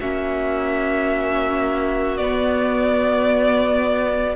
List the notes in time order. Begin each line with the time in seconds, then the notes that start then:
0.00 A#3 C#4 F#4 E5
2.17 B3 D5